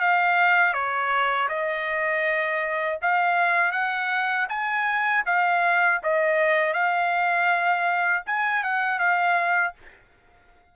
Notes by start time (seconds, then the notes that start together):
0.00 F5
0.73 C#5
1.48 D#5
3.02 F5
3.71 F#5
4.49 G#5
5.25 F5
6.02 D#5
6.73 F5
8.26 G#5
8.63 F#5
8.98 F5